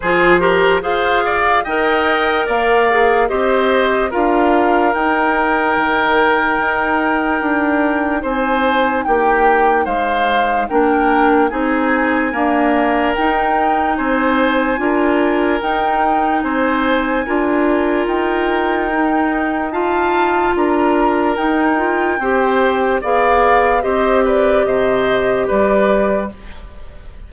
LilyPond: <<
  \new Staff \with { instrumentName = "flute" } { \time 4/4 \tempo 4 = 73 c''4 f''4 g''4 f''4 | dis''4 f''4 g''2~ | g''2 gis''4 g''4 | f''4 g''4 gis''2 |
g''4 gis''2 g''4 | gis''2 g''2 | a''4 ais''4 g''2 | f''4 dis''8 d''8 dis''4 d''4 | }
  \new Staff \with { instrumentName = "oboe" } { \time 4/4 gis'8 ais'8 c''8 d''8 dis''4 d''4 | c''4 ais'2.~ | ais'2 c''4 g'4 | c''4 ais'4 gis'4 ais'4~ |
ais'4 c''4 ais'2 | c''4 ais'2. | f''4 ais'2 c''4 | d''4 c''8 b'8 c''4 b'4 | }
  \new Staff \with { instrumentName = "clarinet" } { \time 4/4 f'8 g'8 gis'4 ais'4. gis'8 | g'4 f'4 dis'2~ | dis'1~ | dis'4 d'4 dis'4 ais4 |
dis'2 f'4 dis'4~ | dis'4 f'2 dis'4 | f'2 dis'8 f'8 g'4 | gis'4 g'2. | }
  \new Staff \with { instrumentName = "bassoon" } { \time 4/4 f4 f'4 dis'4 ais4 | c'4 d'4 dis'4 dis4 | dis'4 d'4 c'4 ais4 | gis4 ais4 c'4 d'4 |
dis'4 c'4 d'4 dis'4 | c'4 d'4 dis'2~ | dis'4 d'4 dis'4 c'4 | b4 c'4 c4 g4 | }
>>